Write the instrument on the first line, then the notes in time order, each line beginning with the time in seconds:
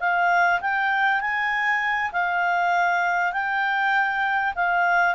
clarinet
0.00 F5
0.61 G5
1.21 G#5
2.13 F5
3.33 G5
4.56 F5